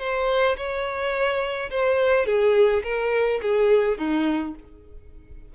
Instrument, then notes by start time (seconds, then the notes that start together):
violin
0.00 C5
0.57 C#5
1.71 C5
2.26 G#4
2.84 A#4
3.42 G#4
3.98 D#4